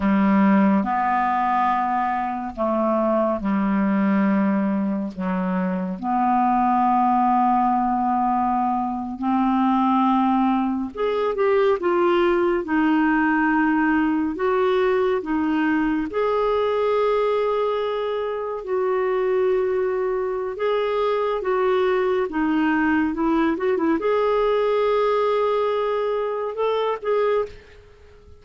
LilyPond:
\new Staff \with { instrumentName = "clarinet" } { \time 4/4 \tempo 4 = 70 g4 b2 a4 | g2 fis4 b4~ | b2~ b8. c'4~ c'16~ | c'8. gis'8 g'8 f'4 dis'4~ dis'16~ |
dis'8. fis'4 dis'4 gis'4~ gis'16~ | gis'4.~ gis'16 fis'2~ fis'16 | gis'4 fis'4 dis'4 e'8 fis'16 e'16 | gis'2. a'8 gis'8 | }